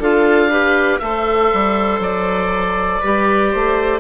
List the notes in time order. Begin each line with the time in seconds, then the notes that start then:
0.00 D4 F4 A4 F5
0.50 G4 B4
1.00 A3 A4 C5 E5
1.53 G3
2.00 F#3 D5
3.02 G3 G4 B4
3.52 A3 C5